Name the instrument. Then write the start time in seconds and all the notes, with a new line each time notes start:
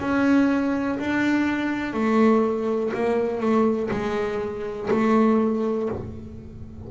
double bass
0.00 C#4
0.99 D4
1.93 A3
2.94 A#3
3.40 A3
3.91 G#3
4.90 A3